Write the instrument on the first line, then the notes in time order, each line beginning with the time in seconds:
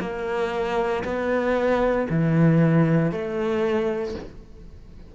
cello
0.00 A#3
1.04 B3
2.10 E3
3.11 A3